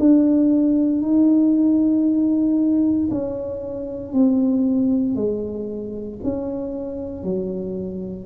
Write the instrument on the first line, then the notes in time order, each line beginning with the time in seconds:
tuba
0.00 D4
1.03 D#4
3.11 C#4
4.13 C4
5.16 G#3
6.24 C#4
7.24 F#3